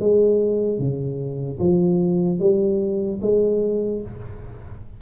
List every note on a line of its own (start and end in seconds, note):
0.00 0.79 G#3
0.79 1.59 C#3
1.60 2.40 F3
2.40 3.20 G3
3.22 4.02 G#3